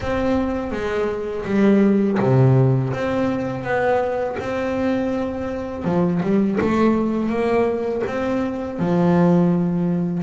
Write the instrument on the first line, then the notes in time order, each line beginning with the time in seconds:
double bass
0.00 C4
0.71 G#3
1.45 G3
2.20 C3
2.93 C4
3.63 B3
4.39 C4
5.84 F3
6.22 G3
6.60 A3
7.29 A#3
8.07 C4
8.79 F3